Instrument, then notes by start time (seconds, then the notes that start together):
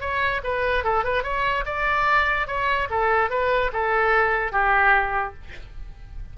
oboe
0.00 C#5
0.43 B4
0.84 A4
1.04 B4
1.23 C#5
1.65 D5
2.47 C#5
2.90 A4
3.30 B4
3.72 A4
4.52 G4